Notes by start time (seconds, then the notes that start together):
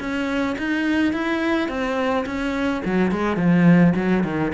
0.00 C#4
0.58 D#4
1.13 E4
1.69 C4
2.26 C#4
2.86 F#3
3.12 G#3
3.37 F3
3.96 F#3
4.24 D#3